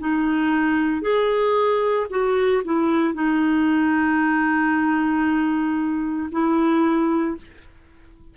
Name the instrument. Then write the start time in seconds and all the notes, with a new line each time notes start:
clarinet
0.00 D#4
1.02 G#4
2.11 F#4
2.65 E4
3.14 D#4
6.32 E4